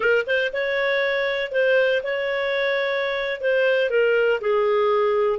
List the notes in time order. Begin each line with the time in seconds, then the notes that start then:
0.00 A#4
0.27 C5
0.52 C#5
1.51 C5
2.03 C#5
3.41 C5
3.90 A#4
4.40 G#4